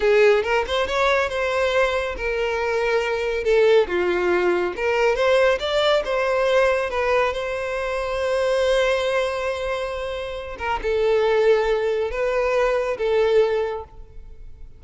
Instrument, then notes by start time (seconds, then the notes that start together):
violin
0.00 G#4
0.43 A#4
0.67 C5
0.87 C#5
1.29 C5
2.16 A#4
3.43 A4
3.87 F4
4.76 A#4
5.15 C5
5.59 D5
6.04 C5
6.90 B4
7.33 C5
10.58 A#4
10.82 A4
12.10 B4
12.97 A4